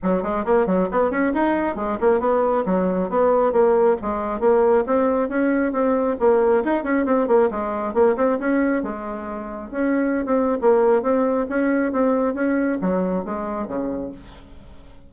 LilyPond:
\new Staff \with { instrumentName = "bassoon" } { \time 4/4 \tempo 4 = 136 fis8 gis8 ais8 fis8 b8 cis'8 dis'4 | gis8 ais8 b4 fis4 b4 | ais4 gis4 ais4 c'4 | cis'4 c'4 ais4 dis'8 cis'8 |
c'8 ais8 gis4 ais8 c'8 cis'4 | gis2 cis'4~ cis'16 c'8. | ais4 c'4 cis'4 c'4 | cis'4 fis4 gis4 cis4 | }